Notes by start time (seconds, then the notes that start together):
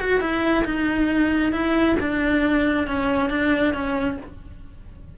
0.00 F#4
0.21 E4
0.65 D#4
1.52 E4
2.00 D4
2.87 C#4
3.30 D4
3.74 C#4